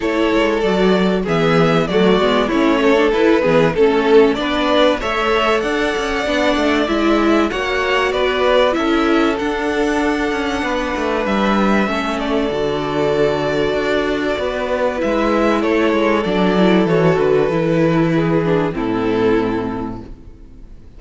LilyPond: <<
  \new Staff \with { instrumentName = "violin" } { \time 4/4 \tempo 4 = 96 cis''4 d''4 e''4 d''4 | cis''4 b'4 a'4 d''4 | e''4 fis''2 e''4 | fis''4 d''4 e''4 fis''4~ |
fis''2 e''4. d''8~ | d''1 | e''4 cis''4 d''4 cis''8 b'8~ | b'2 a'2 | }
  \new Staff \with { instrumentName = "violin" } { \time 4/4 a'2 gis'4 fis'4 | e'8 a'4 gis'8 a'4 b'4 | cis''4 d''2. | cis''4 b'4 a'2~ |
a'4 b'2 a'4~ | a'2. b'4~ | b'4 a'2.~ | a'4 gis'4 e'2 | }
  \new Staff \with { instrumentName = "viola" } { \time 4/4 e'4 fis'4 b4 a8 b8 | cis'8. d'16 e'8 b8 cis'4 d'4 | a'2 d'4 e'4 | fis'2 e'4 d'4~ |
d'2. cis'4 | fis'1 | e'2 d'8 e'8 fis'4 | e'4. d'8 c'2 | }
  \new Staff \with { instrumentName = "cello" } { \time 4/4 a8 gis8 fis4 e4 fis8 gis8 | a4 e'8 e8 a4 b4 | a4 d'8 cis'8 b8 a8 gis4 | ais4 b4 cis'4 d'4~ |
d'8 cis'8 b8 a8 g4 a4 | d2 d'4 b4 | gis4 a8 gis8 fis4 e8 d8 | e2 a,2 | }
>>